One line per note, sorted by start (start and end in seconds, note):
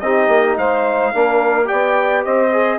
0.00 0.27 C4
0.00 1.14 D#4
0.00 0.57 G4
0.00 0.56 D#5
0.27 0.55 A#3
0.57 1.13 G#3
0.57 1.12 C5
0.57 1.67 F5
1.12 1.70 A#3
1.12 1.64 D4
1.12 1.67 A#4
1.64 2.48 G4
1.64 2.23 D5
1.64 2.23 G5
1.71 2.25 B3
2.24 2.79 C4
2.24 2.79 C5
2.24 2.79 D#5
2.52 2.79 G#4